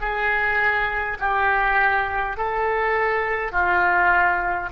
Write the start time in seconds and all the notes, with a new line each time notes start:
0.00 G#4
1.19 G4
2.37 A4
3.52 F4